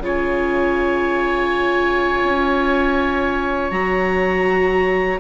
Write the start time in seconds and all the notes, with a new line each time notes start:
0.00 C#3 F4 C#5
0.06 G#5
2.23 C#4
3.71 F#3 F#4 A#5